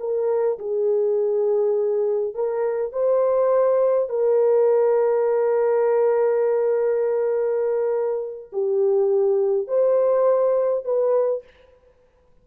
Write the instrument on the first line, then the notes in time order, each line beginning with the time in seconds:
horn
0.00 A#4
0.59 G#4
2.35 A#4
2.93 C5
4.10 A#4
8.53 G4
9.68 C5
10.85 B4